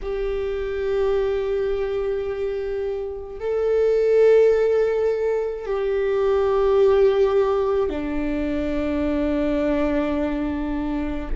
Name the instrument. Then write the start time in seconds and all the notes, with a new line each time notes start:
viola
0.02 G4
3.40 A4
5.66 G4
7.89 D4